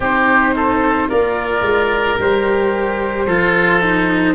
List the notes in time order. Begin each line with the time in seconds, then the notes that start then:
0.00 C4 D#4 G4 C5
0.55 A4
1.08 A#3 F4 A#4 D5
1.62 G#3
2.18 G3 G4 C5
3.25 F3 F4 A4
3.81 D#4